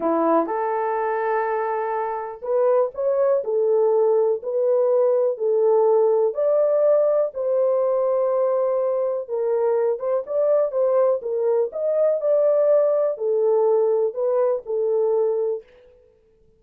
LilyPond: \new Staff \with { instrumentName = "horn" } { \time 4/4 \tempo 4 = 123 e'4 a'2.~ | a'4 b'4 cis''4 a'4~ | a'4 b'2 a'4~ | a'4 d''2 c''4~ |
c''2. ais'4~ | ais'8 c''8 d''4 c''4 ais'4 | dis''4 d''2 a'4~ | a'4 b'4 a'2 | }